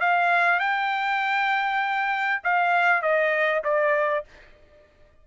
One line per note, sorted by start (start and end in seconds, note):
0.00 0.60 F5
0.60 2.41 G5
2.44 3.02 F5
3.02 3.63 D#5
3.64 4.25 D5